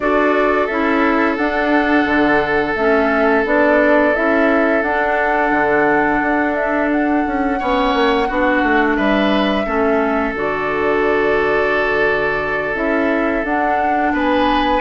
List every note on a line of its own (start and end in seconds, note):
0.00 0.68 D4
0.00 0.69 F#4
0.00 7.59 A4
0.00 0.66 D5
0.66 1.37 C#4
0.66 1.37 E4
0.66 1.35 E5
1.36 2.75 D4
1.36 2.05 D4
1.36 2.74 F#5
2.05 2.74 D3
2.75 3.44 A3
2.75 3.45 C#4
2.75 3.44 E5
3.45 4.14 B3
3.45 4.14 D4
3.45 4.15 D5
4.14 4.82 C#4
4.14 4.83 E4
4.14 4.82 E5
4.82 5.51 D4
4.82 7.57 D4
4.82 6.54 F#5
5.51 6.20 D3
6.21 7.25 D4
6.54 6.89 E5
6.91 8.95 F#5
7.26 7.60 C#4
7.57 7.93 B3
7.57 8.26 C#4
7.57 8.27 C#5
7.93 8.28 A#3
8.27 8.62 B3
8.27 9.65 D4
8.27 8.96 F#4
8.62 8.97 A3
8.95 9.66 G3
8.95 9.65 B4
8.95 10.33 E5
9.65 10.33 A3
9.65 10.34 C#4
9.65 14.13 A4
10.33 12.74 D3
10.33 12.74 F#4
10.33 12.75 D5
12.74 13.43 C#4
12.74 13.43 E4
12.74 13.44 E5
13.43 14.12 D4
13.43 14.80 D4
13.43 14.13 F#5
14.12 14.80 B3
14.12 14.80 B4
14.12 14.80 G#5